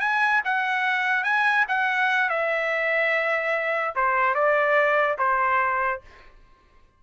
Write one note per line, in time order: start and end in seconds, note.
0.00 0.41 G#5
0.45 1.24 F#5
1.24 1.65 G#5
1.68 2.29 F#5
2.29 3.95 E5
3.96 4.35 C5
4.35 5.17 D5
5.18 6.01 C5